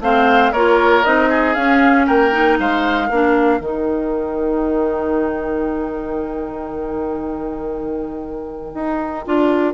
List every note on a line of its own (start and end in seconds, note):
0.00 0.51 A3
0.00 0.54 C4
0.00 0.52 C5
0.00 0.52 F5
0.52 1.04 A#3
0.52 1.04 F4
0.52 1.29 A#4
0.52 1.04 C#5
1.04 1.56 C4
1.04 1.55 D#4
1.04 1.54 D#5
1.29 2.06 G#4
1.54 2.07 C#4
1.54 2.31 C#4
1.54 2.05 F5
2.06 2.59 A#3
2.06 2.57 A#4
2.06 2.58 G5
2.31 3.08 D#4
2.59 3.10 G#3
2.59 3.07 C5
2.59 3.62 F5
3.07 3.60 A#3
3.07 3.60 D4
3.07 9.74 A#4
3.60 8.73 D#3
3.60 9.25 D#4
3.60 9.74 G5
8.74 9.25 D#4
9.25 9.74 D4
9.25 9.74 F4